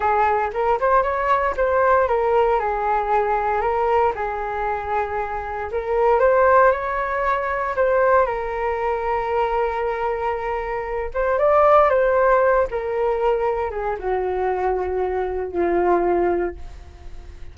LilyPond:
\new Staff \with { instrumentName = "flute" } { \time 4/4 \tempo 4 = 116 gis'4 ais'8 c''8 cis''4 c''4 | ais'4 gis'2 ais'4 | gis'2. ais'4 | c''4 cis''2 c''4 |
ais'1~ | ais'4. c''8 d''4 c''4~ | c''8 ais'2 gis'8 fis'4~ | fis'2 f'2 | }